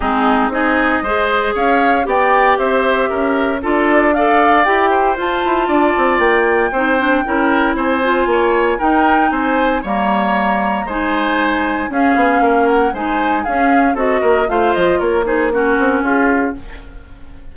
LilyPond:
<<
  \new Staff \with { instrumentName = "flute" } { \time 4/4 \tempo 4 = 116 gis'4 dis''2 f''4 | g''4 e''2 d''4 | f''4 g''4 a''2 | g''2. gis''4~ |
gis''4 g''4 gis''4 ais''4~ | ais''4 gis''2 f''4~ | f''8 fis''8 gis''4 f''4 dis''4 | f''8 dis''8 cis''8 c''8 ais'4 gis'4 | }
  \new Staff \with { instrumentName = "oboe" } { \time 4/4 dis'4 gis'4 c''4 cis''4 | d''4 c''4 ais'4 a'4 | d''4. c''4. d''4~ | d''4 c''4 ais'4 c''4 |
cis''4 ais'4 c''4 cis''4~ | cis''4 c''2 gis'4 | ais'4 c''4 gis'4 a'8 ais'8 | c''4 ais'8 gis'8 fis'4 f'4 | }
  \new Staff \with { instrumentName = "clarinet" } { \time 4/4 c'4 dis'4 gis'2 | g'2. f'4 | a'4 g'4 f'2~ | f'4 dis'8 d'8 e'4. f'8~ |
f'4 dis'2 ais4~ | ais4 dis'2 cis'4~ | cis'4 dis'4 cis'4 fis'4 | f'4. dis'8 cis'2 | }
  \new Staff \with { instrumentName = "bassoon" } { \time 4/4 gis4 c'4 gis4 cis'4 | b4 c'4 cis'4 d'4~ | d'4 e'4 f'8 e'8 d'8 c'8 | ais4 c'4 cis'4 c'4 |
ais4 dis'4 c'4 g4~ | g4 gis2 cis'8 b8 | ais4 gis4 cis'4 c'8 ais8 | a8 f8 ais4. c'8 cis'4 | }
>>